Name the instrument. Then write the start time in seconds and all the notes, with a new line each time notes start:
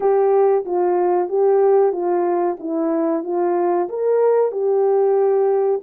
horn
0.00 G4
0.65 F4
1.28 G4
1.92 F4
2.59 E4
3.23 F4
3.89 A#4
4.51 G4